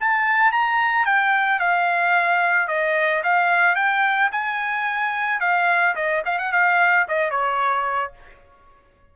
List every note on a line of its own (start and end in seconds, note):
0.00 0.52 A5
0.52 1.05 A#5
1.05 1.59 G5
1.59 2.68 F5
2.68 3.22 D#5
3.23 3.75 F5
3.75 4.30 G5
4.32 5.40 G#5
5.40 5.95 F5
5.95 6.23 D#5
6.25 6.39 F5
6.39 6.52 F#5
6.52 7.07 F5
7.08 7.30 D#5
7.30 8.12 C#5